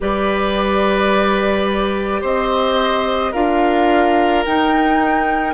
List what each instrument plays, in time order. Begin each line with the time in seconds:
0.00 bassoon G3, clarinet G4, oboe B4, flute D5
2.21 bassoon C4, oboe C5, flute D#5
3.32 bassoon D4, clarinet F4, oboe A#4, flute F5
4.45 clarinet D#4, bassoon D#4, flute G5